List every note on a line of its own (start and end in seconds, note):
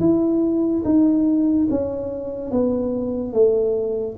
0.00 0.83 E4
0.85 1.68 D#4
1.71 2.51 C#4
2.51 3.33 B3
3.33 4.17 A3